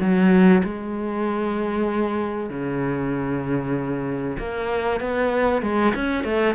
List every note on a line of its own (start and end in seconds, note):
0.00 0.62 F#3
0.64 2.50 G#3
2.50 4.38 C#3
4.39 5.01 A#3
5.01 5.62 B3
5.62 5.93 G#3
5.95 6.24 C#4
6.24 6.55 A3